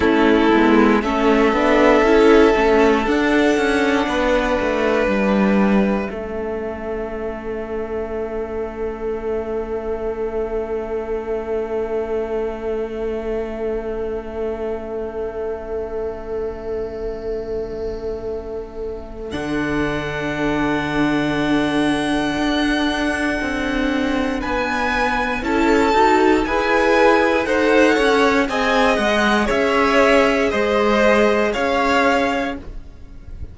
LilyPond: <<
  \new Staff \with { instrumentName = "violin" } { \time 4/4 \tempo 4 = 59 a'4 e''2 fis''4~ | fis''4 e''2.~ | e''1~ | e''1~ |
e''2. fis''4~ | fis''1 | gis''4 a''4 gis''4 fis''4 | gis''8 fis''8 e''4 dis''4 f''4 | }
  \new Staff \with { instrumentName = "violin" } { \time 4/4 e'4 a'2. | b'2 a'2~ | a'1~ | a'1~ |
a'1~ | a'1 | b'4 a'4 b'4 c''8 cis''8 | dis''4 cis''4 c''4 cis''4 | }
  \new Staff \with { instrumentName = "viola" } { \time 4/4 cis'8 b8 cis'8 d'8 e'8 cis'8 d'4~ | d'2 cis'2~ | cis'1~ | cis'1~ |
cis'2. d'4~ | d'1~ | d'4 e'8 fis'8 gis'4 a'4 | gis'1 | }
  \new Staff \with { instrumentName = "cello" } { \time 4/4 a8 gis8 a8 b8 cis'8 a8 d'8 cis'8 | b8 a8 g4 a2~ | a1~ | a1~ |
a2. d4~ | d2 d'4 c'4 | b4 cis'8 dis'8 e'4 dis'8 cis'8 | c'8 gis8 cis'4 gis4 cis'4 | }
>>